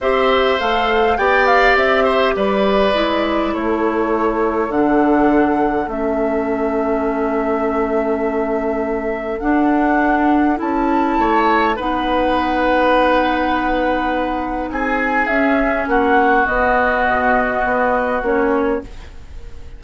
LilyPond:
<<
  \new Staff \with { instrumentName = "flute" } { \time 4/4 \tempo 4 = 102 e''4 f''4 g''8 f''8 e''4 | d''2 cis''2 | fis''2 e''2~ | e''1 |
fis''2 a''2 | fis''1~ | fis''4 gis''4 e''4 fis''4 | dis''2. cis''4 | }
  \new Staff \with { instrumentName = "oboe" } { \time 4/4 c''2 d''4. c''8 | b'2 a'2~ | a'1~ | a'1~ |
a'2. cis''4 | b'1~ | b'4 gis'2 fis'4~ | fis'1 | }
  \new Staff \with { instrumentName = "clarinet" } { \time 4/4 g'4 a'4 g'2~ | g'4 e'2. | d'2 cis'2~ | cis'1 |
d'2 e'2 | dis'1~ | dis'2 cis'2 | b2. cis'4 | }
  \new Staff \with { instrumentName = "bassoon" } { \time 4/4 c'4 a4 b4 c'4 | g4 gis4 a2 | d2 a2~ | a1 |
d'2 cis'4 a4 | b1~ | b4 c'4 cis'4 ais4 | b4 b,4 b4 ais4 | }
>>